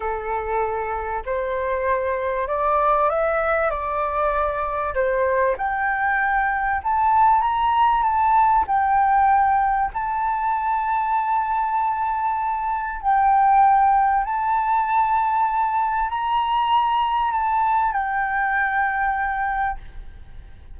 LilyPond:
\new Staff \with { instrumentName = "flute" } { \time 4/4 \tempo 4 = 97 a'2 c''2 | d''4 e''4 d''2 | c''4 g''2 a''4 | ais''4 a''4 g''2 |
a''1~ | a''4 g''2 a''4~ | a''2 ais''2 | a''4 g''2. | }